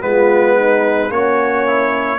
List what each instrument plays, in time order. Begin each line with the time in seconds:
0.00 tuba G#3, trombone B3, horn F4, trumpet B4
0.56 horn D#4
1.09 tuba A#3, horn C#4, trombone F#4, trumpet C#5
1.67 trombone E4